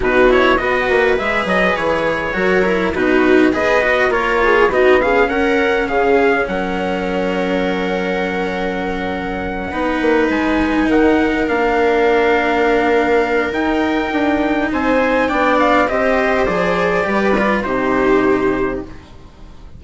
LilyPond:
<<
  \new Staff \with { instrumentName = "trumpet" } { \time 4/4 \tempo 4 = 102 b'8 cis''8 dis''4 e''8 dis''8 cis''4~ | cis''4 b'4 dis''4 cis''4 | dis''8 f''8 fis''4 f''4 fis''4~ | fis''1~ |
fis''4. gis''4 fis''4 f''8~ | f''2. g''4~ | g''4 gis''4 g''8 f''8 dis''4 | d''2 c''2 | }
  \new Staff \with { instrumentName = "viola" } { \time 4/4 fis'4 b'2. | ais'4 fis'4 b'4 ais'8 gis'8 | fis'8 gis'8 ais'4 gis'4 ais'4~ | ais'1~ |
ais'8 b'2 ais'4.~ | ais'1~ | ais'4 c''4 d''4 c''4~ | c''4 b'4 g'2 | }
  \new Staff \with { instrumentName = "cello" } { \time 4/4 dis'8 e'8 fis'4 gis'2 | fis'8 e'8 dis'4 gis'8 fis'8 f'4 | dis'8 cis'2.~ cis'8~ | cis'1~ |
cis'8 dis'2. d'8~ | d'2. dis'4~ | dis'2 d'4 g'4 | gis'4 g'8 f'8 dis'2 | }
  \new Staff \with { instrumentName = "bassoon" } { \time 4/4 b,4 b8 ais8 gis8 fis8 e4 | fis4 b,4 b4 ais4 | b4 cis'4 cis4 fis4~ | fis1~ |
fis8 b8 ais8 gis4 dis4 ais8~ | ais2. dis'4 | d'4 c'4 b4 c'4 | f4 g4 c2 | }
>>